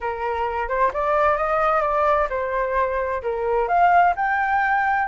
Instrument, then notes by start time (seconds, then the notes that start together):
flute
0.00 A#4
0.68 C5
0.93 D5
1.37 D#5
1.81 D5
2.29 C5
3.22 A#4
3.67 F5
4.16 G5